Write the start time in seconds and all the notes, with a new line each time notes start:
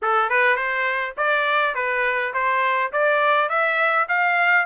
0.02 A4
0.29 B4
0.56 C5
1.17 D5
1.74 B4
2.33 C5
2.92 D5
3.49 E5
4.08 F5